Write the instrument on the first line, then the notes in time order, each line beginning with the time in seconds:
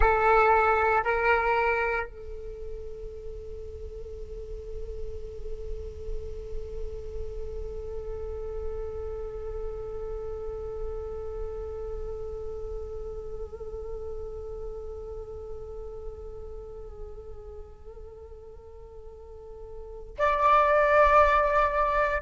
flute
0.00 A4
1.03 A#4
2.06 A4
20.18 D5